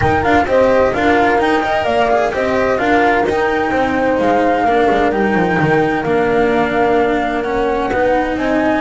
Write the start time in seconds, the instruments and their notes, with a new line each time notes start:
0.00 cello D#4, double bass D#4, horn A#4, flute G5
0.22 double bass D4, cello F4, flute F5
0.45 double bass C4, cello G4, horn C5, flute D#5
0.93 double bass D4, cello F4, horn A#4, flute F5
1.37 cello D#4, double bass D#4, flute G5
1.62 cello A#4, horn D#5
1.84 double bass A#3, horn D5, flute F5
2.10 cello G#4
2.32 double bass C4, cello G4, horn C5, flute D#5
2.78 double bass D4, cello F4, horn A#4, flute F5
3.24 double bass D#4, cello D#4, flute G5
3.70 double bass C4, horn C5
4.19 double bass G#3, flute F5
4.64 double bass A#3, cello D4, horn A#4
4.90 double bass G#3
5.10 double bass G3, cello D#4, flute G5
5.34 double bass F3
5.59 double bass D#3
6.03 double bass A#3, cello D4, flute F5
7.42 cello C#4, flute F#5
7.91 double bass B3, cello D#4, horn B4
8.35 double bass C4, horn D#5, flute G#5